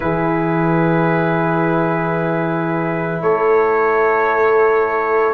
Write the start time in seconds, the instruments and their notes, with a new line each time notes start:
0.00 tuba E3, trombone E4, horn G#4, trumpet B4
3.21 tuba A3, horn A4, trumpet C#5